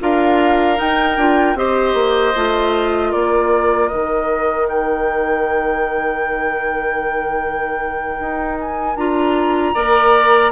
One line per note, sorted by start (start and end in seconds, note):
0.00 0.79 D4
0.00 0.76 F4
0.00 1.57 A#4
0.00 0.79 F5
0.76 1.15 D#4
0.76 1.17 D#4
0.76 1.57 G5
1.17 1.54 D4
1.17 1.56 F4
1.54 1.93 C4
1.54 2.33 G4
1.54 3.09 C5
1.54 3.11 D#5
1.93 2.32 A#3
2.35 3.13 A3
2.35 3.91 F4
3.09 3.91 A#3
3.09 9.72 A#4
3.09 3.88 D5
3.88 8.19 D#3
3.88 8.97 D#4
3.88 4.66 D#5
4.68 8.58 G5
8.19 8.95 D#4
8.60 8.96 G#5
8.95 9.73 D4
8.95 9.74 F4
8.95 10.51 A#5
9.74 10.51 A#3
9.74 10.51 A#4
9.74 10.51 D5